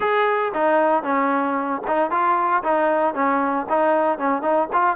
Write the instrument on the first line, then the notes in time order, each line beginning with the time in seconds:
trombone
0.00 G#4
0.54 D#4
1.03 C#4
1.87 D#4
2.10 F4
2.63 D#4
3.14 C#4
3.69 D#4
4.18 C#4
4.42 D#4
4.72 F4